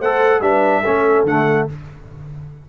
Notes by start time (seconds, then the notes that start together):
0.00 A3 A4 C5 F#5
0.41 G3 D4 B4 E5
0.82 A3 C#4 A4
1.24 D3 A3 F#5